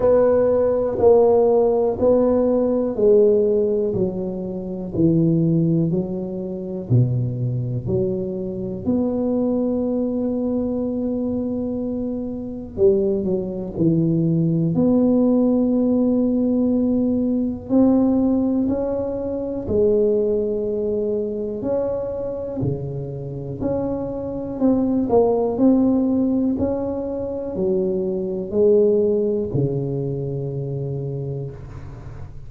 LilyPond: \new Staff \with { instrumentName = "tuba" } { \time 4/4 \tempo 4 = 61 b4 ais4 b4 gis4 | fis4 e4 fis4 b,4 | fis4 b2.~ | b4 g8 fis8 e4 b4~ |
b2 c'4 cis'4 | gis2 cis'4 cis4 | cis'4 c'8 ais8 c'4 cis'4 | fis4 gis4 cis2 | }